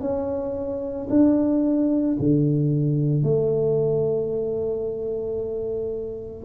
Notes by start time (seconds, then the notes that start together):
0.00 C#4
1.09 D4
2.19 D3
3.23 A3